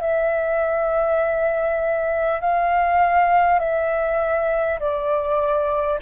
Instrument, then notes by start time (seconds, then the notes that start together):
flute
0.00 E5
2.41 F5
3.59 E5
4.79 D5